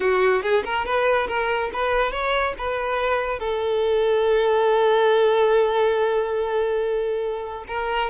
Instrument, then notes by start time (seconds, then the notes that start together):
violin
0.00 F#4
0.42 G#4
0.64 A#4
0.85 B4
1.27 A#4
1.73 B4
2.11 C#5
2.57 B4
3.39 A4
7.67 A#4